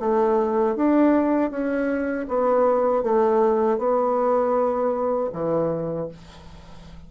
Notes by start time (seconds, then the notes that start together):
0.00 A3
0.76 D4
1.51 C#4
2.28 B3
3.03 A3
3.78 B3
5.33 E3